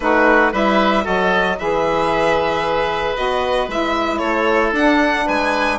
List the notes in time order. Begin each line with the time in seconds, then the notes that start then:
0.00 A3 D#4 F#4 B4
0.52 G3 E4 B4 E5
1.03 F#3 F#4 A4 D#5
1.59 E3 G#4 B4 E5
3.15 B3 F#4 D#5
3.67 G#3 E4 E5
4.18 A3 A4 C#5
4.72 D4 F#5
5.25 G#3 B4 G#5